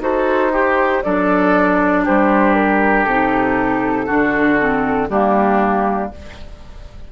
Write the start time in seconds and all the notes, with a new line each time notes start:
0.00 D#4 F#4 A4 C5
0.53 G4
1.03 F#3 D4 A4 D5
2.04 G3 G4 C5
2.54 A#4
3.04 C3 D#4 A4
4.06 D3 D4 F#4
4.59 C4
5.09 G3 A#3 D4 G4